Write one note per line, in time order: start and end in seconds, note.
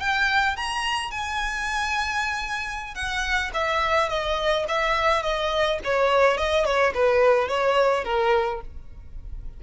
0.00 0.56 G5
0.56 1.11 A#5
1.11 2.95 G#5
2.95 3.51 F#5
3.54 4.09 E5
4.09 4.66 D#5
4.69 5.23 E5
5.23 5.79 D#5
5.85 6.38 C#5
6.38 6.65 D#5
6.65 6.93 C#5
6.94 7.48 B4
7.48 8.05 C#5
8.05 8.61 A#4